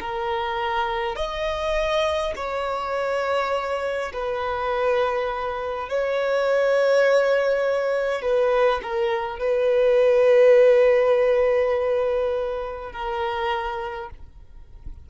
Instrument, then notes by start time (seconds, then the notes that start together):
violin
0.00 A#4
1.16 D#5
2.35 C#5
4.12 B4
5.89 C#5
8.21 B4
8.82 A#4
9.39 B4
12.92 A#4